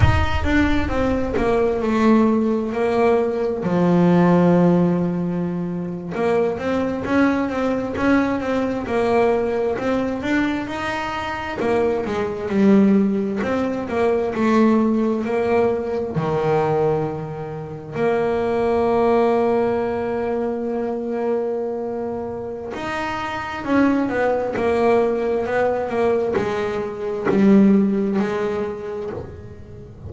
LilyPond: \new Staff \with { instrumentName = "double bass" } { \time 4/4 \tempo 4 = 66 dis'8 d'8 c'8 ais8 a4 ais4 | f2~ f8. ais8 c'8 cis'16~ | cis'16 c'8 cis'8 c'8 ais4 c'8 d'8 dis'16~ | dis'8. ais8 gis8 g4 c'8 ais8 a16~ |
a8. ais4 dis2 ais16~ | ais1~ | ais4 dis'4 cis'8 b8 ais4 | b8 ais8 gis4 g4 gis4 | }